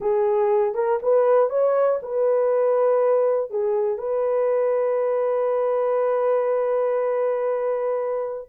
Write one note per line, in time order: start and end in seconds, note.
0.00 0.74 G#4
0.74 0.99 A#4
1.02 1.49 B4
1.49 1.99 C#5
2.02 3.50 B4
3.50 3.97 G#4
3.97 8.47 B4